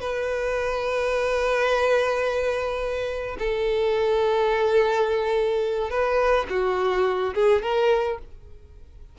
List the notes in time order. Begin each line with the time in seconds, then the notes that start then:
0.00 B4
3.38 A4
5.90 B4
6.49 F#4
7.34 G#4
7.62 A#4